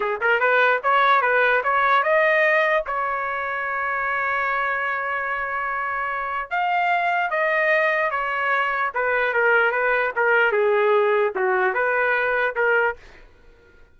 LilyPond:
\new Staff \with { instrumentName = "trumpet" } { \time 4/4 \tempo 4 = 148 gis'8 ais'8 b'4 cis''4 b'4 | cis''4 dis''2 cis''4~ | cis''1~ | cis''1 |
f''2 dis''2 | cis''2 b'4 ais'4 | b'4 ais'4 gis'2 | fis'4 b'2 ais'4 | }